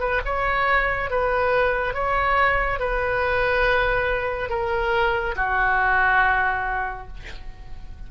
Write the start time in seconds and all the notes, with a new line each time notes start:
0.00 B4
0.25 C#5
1.11 B4
1.94 C#5
2.80 B4
4.50 A#4
5.36 F#4